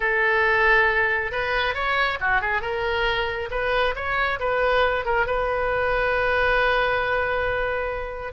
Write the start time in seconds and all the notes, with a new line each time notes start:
0.00 A4
1.31 B4
1.74 C#5
2.20 F#4
2.41 G#4
2.61 A#4
3.50 B4
3.95 C#5
4.39 B4
5.05 A#4
5.26 B4